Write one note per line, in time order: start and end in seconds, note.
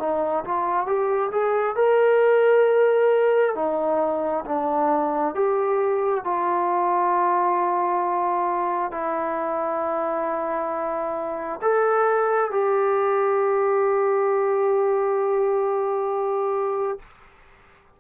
0.00 0.45 D#4
0.45 0.86 F4
0.86 1.31 G4
1.32 1.76 G#4
1.76 3.55 A#4
3.55 4.45 D#4
4.46 5.35 D4
5.35 6.25 G4
6.25 8.92 F4
8.92 11.61 E4
11.62 12.52 A4
12.52 16.99 G4